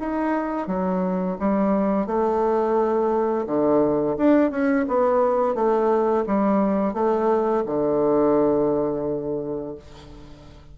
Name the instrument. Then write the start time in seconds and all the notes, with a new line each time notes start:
bassoon
0.00 D#4
0.68 F#3
1.40 G3
2.06 A3
3.47 D3
4.17 D4
4.51 C#4
4.88 B3
5.55 A3
6.27 G3
6.94 A3
7.66 D3